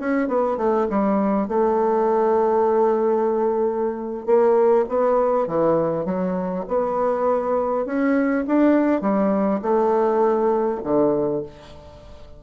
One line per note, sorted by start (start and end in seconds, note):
0.00 0.28 C#4
0.28 0.58 B3
0.58 0.87 A3
0.90 1.48 G3
1.48 4.26 A3
4.26 4.86 A#3
4.89 5.48 B3
5.48 6.05 E3
6.05 6.65 F#3
6.68 7.86 B3
7.86 8.45 C#4
8.47 9.01 D4
9.01 9.61 G3
9.62 10.81 A3
10.84 11.43 D3